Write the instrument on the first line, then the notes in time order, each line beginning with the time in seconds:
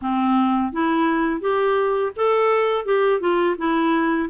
clarinet
0.01 C4
0.72 E4
1.40 G4
2.16 A4
2.85 G4
3.20 F4
3.57 E4